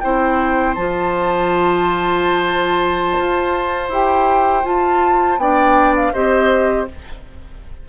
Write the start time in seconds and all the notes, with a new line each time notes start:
0.00 C4 E4 C5 G5
0.75 F3 F4 A5
3.18 F4
3.89 E4 G4 G5
4.63 F4 A5
5.37 B3 D4 D5 G5
5.96 F5
6.13 C4 G4 C5 D#5